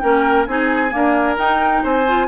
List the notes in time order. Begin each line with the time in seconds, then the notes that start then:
0.00 A#3 C#4 A#4 G5
0.46 C4 D#4 G#4 G#5
0.90 A#3 D4
0.96 A#4
1.37 D#4 G5
1.84 C4 C5 G#5
2.08 F4